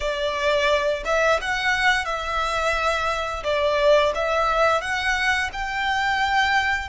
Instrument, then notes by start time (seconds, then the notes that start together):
violin
0.00 D5
1.05 E5
1.41 F#5
2.05 E5
3.43 D5
4.14 E5
4.81 F#5
5.53 G5